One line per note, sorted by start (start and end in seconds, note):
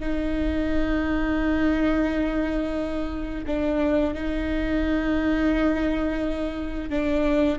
0.00 3.45 D#4
3.47 4.14 D4
4.14 6.90 D#4
6.90 7.59 D4